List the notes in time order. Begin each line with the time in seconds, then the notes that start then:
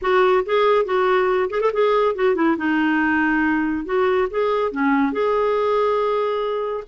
0.01 F#4
0.45 G#4
0.85 F#4
1.50 G#4
1.61 A4
1.73 G#4
2.15 F#4
2.35 E4
2.57 D#4
3.85 F#4
4.30 G#4
4.71 C#4
5.12 G#4